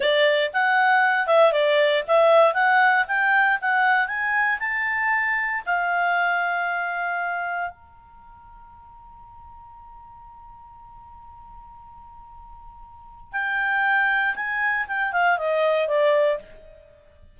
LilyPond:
\new Staff \with { instrumentName = "clarinet" } { \time 4/4 \tempo 4 = 117 d''4 fis''4. e''8 d''4 | e''4 fis''4 g''4 fis''4 | gis''4 a''2 f''4~ | f''2. ais''4~ |
ais''1~ | ais''1~ | ais''2 g''2 | gis''4 g''8 f''8 dis''4 d''4 | }